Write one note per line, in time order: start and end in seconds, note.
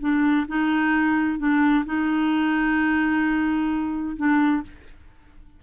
0.00 0.46 D4
0.47 1.38 D#4
1.38 1.84 D4
1.85 4.16 D#4
4.16 4.62 D4